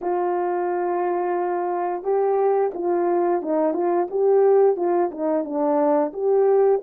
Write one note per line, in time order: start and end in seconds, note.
0.01 2.03 F4
2.03 2.71 G4
2.74 3.42 F4
3.42 3.73 D#4
3.73 4.07 F4
4.10 4.76 G4
4.76 5.10 F4
5.11 5.44 D#4
5.44 6.12 D4
6.13 6.81 G4